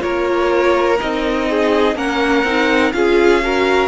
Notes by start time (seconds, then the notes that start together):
0.00 A#3 F4 A#4 C#5
0.99 C4 D#4 D#5
1.50 G#4
1.96 A#3 C#4 A#4 F#5
2.44 C4 D#4
2.93 C#4 F4 G#4 F5
3.43 F#4 A#4